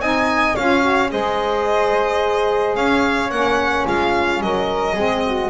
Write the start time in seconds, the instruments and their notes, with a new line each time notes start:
0.00 double bass C4, saxophone D#4, flute D#5, violin G#5
0.55 double bass C#4, saxophone F4, flute C#5, violin F5
0.81 saxophone F#4
1.09 double bass G#3, saxophone G#4, flute C5, violin D#5
2.76 double bass C#4, flute C#5, violin F5
3.31 double bass A#3, saxophone C#4, violin F#5
3.86 double bass G#3, flute F4, violin F5
4.42 double bass F#3, flute A#4, violin D#5
4.94 double bass G#3, saxophone C4, flute G#4
5.26 flute F#4